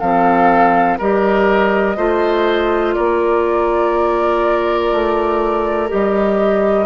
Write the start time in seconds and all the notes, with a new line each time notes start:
0.00 F3 C4 A4 F5
0.99 G3 G4 A#4 D#5
1.97 A3 F4 C5
2.94 A#3 A#4 D5
4.92 A3
5.89 G3 G4 D#5